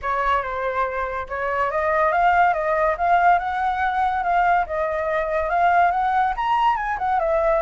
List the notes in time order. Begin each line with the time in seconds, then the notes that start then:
0.02 C#5
0.42 C5
1.28 C#5
1.71 D#5
2.11 F5
2.53 D#5
2.97 F5
3.38 F#5
4.23 F5
4.66 D#5
5.49 F5
5.91 F#5
6.36 A#5
6.76 G#5
6.98 F#5
7.19 E5